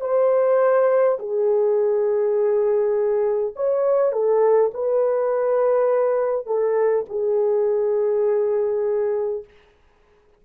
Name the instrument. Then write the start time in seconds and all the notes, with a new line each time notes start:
horn
0.00 C5
1.19 G#4
3.56 C#5
4.12 A4
4.73 B4
6.45 A4
7.09 G#4